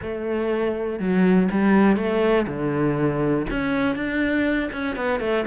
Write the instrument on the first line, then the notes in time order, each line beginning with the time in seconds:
cello
0.01 A3
0.99 F#3
1.51 G3
1.96 A3
2.47 D3
3.50 C#4
3.95 D4
4.72 C#4
4.95 B3
5.19 A3